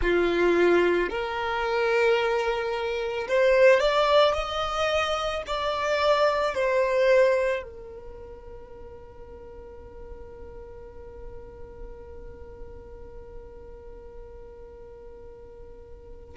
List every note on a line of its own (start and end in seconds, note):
0.01 1.09 F4
1.09 3.27 A#4
3.28 3.80 C5
3.80 4.33 D5
4.33 5.42 D#5
5.46 6.54 D5
6.54 7.63 C5
7.63 16.35 A#4